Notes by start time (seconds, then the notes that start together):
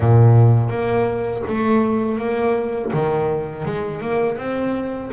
0.00 A#2
0.70 A#3
1.47 A3
2.18 A#3
2.93 D#3
3.65 G#3
4.01 A#3
4.37 C4